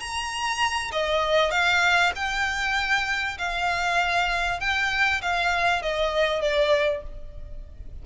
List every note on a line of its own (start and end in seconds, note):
0.00 0.92 A#5
0.92 1.51 D#5
1.51 2.13 F5
2.16 3.38 G5
3.39 4.61 F5
4.61 5.22 G5
5.22 5.82 F5
5.82 6.42 D#5
6.42 7.03 D5